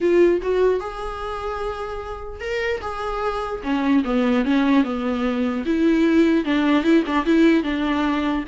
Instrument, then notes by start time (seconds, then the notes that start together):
viola
0.00 F4
0.42 F#4
0.80 G#4
2.40 A#4
2.81 G#4
3.63 C#4
4.04 B3
4.45 C#4
4.83 B3
5.65 E4
6.44 D4
6.83 E4
7.06 D4
7.25 E4
7.63 D4